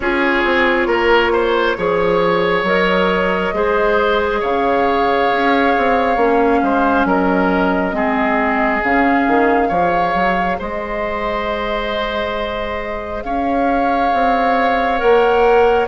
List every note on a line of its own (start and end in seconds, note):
0.00 0.43 C#4
0.00 1.77 F4
0.00 0.87 G#4
0.00 2.64 C#5
0.44 0.86 C4
0.86 1.75 A#3
0.86 1.31 A#4
1.32 1.76 C5
1.77 2.63 F3
1.77 2.65 G#4
1.77 3.54 C#5
2.63 3.51 F#3
2.63 3.53 A#4
2.63 4.42 D#5
3.53 4.41 G#3
3.53 6.17 G#4
3.53 4.40 C5
4.40 5.31 C#3
4.40 6.60 C#5
4.40 7.06 F5
5.31 5.76 C#4
5.77 6.16 C4
6.16 6.60 A#3
6.16 7.92 C#4
6.62 7.04 G#3
6.62 7.07 C5
7.04 7.93 F#3
7.04 7.95 A#4
7.04 8.83 D#5
7.92 8.81 G#3
7.92 8.80 C4
7.92 9.68 G#4
8.83 9.27 C#3
8.83 9.72 C#4
8.83 10.59 F5
9.27 9.69 D#3
9.68 10.14 F3
9.68 14.98 G#4
9.68 10.56 C#5
10.14 10.58 F#3
10.58 13.24 G#3
10.58 13.23 C5
10.58 13.22 D#5
13.22 14.12 C#4
13.22 15.87 C#5
13.22 14.97 F5
14.13 15.01 C4
14.97 15.87 A#3
14.97 15.86 A#4
14.97 15.86 F#5